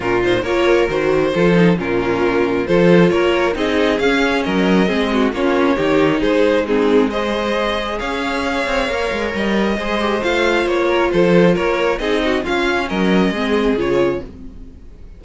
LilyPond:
<<
  \new Staff \with { instrumentName = "violin" } { \time 4/4 \tempo 4 = 135 ais'8 c''8 cis''4 c''2 | ais'2 c''4 cis''4 | dis''4 f''4 dis''2 | cis''2 c''4 gis'4 |
dis''2 f''2~ | f''4 dis''2 f''4 | cis''4 c''4 cis''4 dis''4 | f''4 dis''2 cis''4 | }
  \new Staff \with { instrumentName = "violin" } { \time 4/4 f'4 ais'2 a'4 | f'2 a'4 ais'4 | gis'2 ais'4 gis'8 fis'8 | f'4 g'4 gis'4 dis'4 |
c''2 cis''2~ | cis''2 c''2~ | c''8 ais'8 a'4 ais'4 gis'8 fis'8 | f'4 ais'4 gis'2 | }
  \new Staff \with { instrumentName = "viola" } { \time 4/4 cis'8 dis'8 f'4 fis'4 f'8 dis'8 | cis'2 f'2 | dis'4 cis'2 c'4 | cis'4 dis'2 c'4 |
gis'1 | ais'2 gis'8 g'8 f'4~ | f'2. dis'4 | cis'2 c'4 f'4 | }
  \new Staff \with { instrumentName = "cello" } { \time 4/4 ais,4 ais4 dis4 f4 | ais,2 f4 ais4 | c'4 cis'4 fis4 gis4 | ais4 dis4 gis2~ |
gis2 cis'4. c'8 | ais8 gis8 g4 gis4 a4 | ais4 f4 ais4 c'4 | cis'4 fis4 gis4 cis4 | }
>>